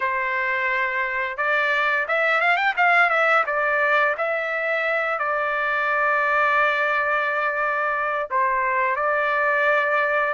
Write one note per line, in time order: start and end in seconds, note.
0.00 1.37 C5
1.37 2.06 D5
2.08 2.40 E5
2.40 2.56 F5
2.56 2.74 G5
2.76 3.09 F5
3.09 3.44 E5
3.46 4.15 D5
4.17 5.18 E5
5.18 8.29 D5
8.30 8.96 C5
8.96 10.33 D5